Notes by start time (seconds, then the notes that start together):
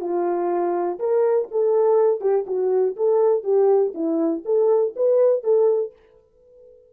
0.00 F4
0.99 A#4
1.51 A4
2.20 G4
2.47 F#4
2.96 A4
3.44 G4
3.94 E4
4.45 A4
4.96 B4
5.43 A4